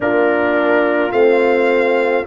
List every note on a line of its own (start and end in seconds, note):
0.00 1.12 A#3
0.00 1.12 D4
0.00 2.26 F4
0.00 1.12 A#4
1.12 2.25 A3
1.12 2.25 C4
1.12 2.25 F5